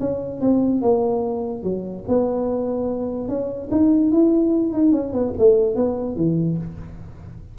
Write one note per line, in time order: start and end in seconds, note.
0.00 0.41 C#4
0.41 0.82 C4
0.82 1.63 A#3
1.63 2.05 F#3
2.08 3.28 B3
3.28 3.69 C#4
3.71 4.12 D#4
4.12 4.73 E4
4.73 4.92 D#4
4.92 5.13 C#4
5.13 5.33 B3
5.39 5.76 A3
5.76 6.16 B3
6.16 6.57 E3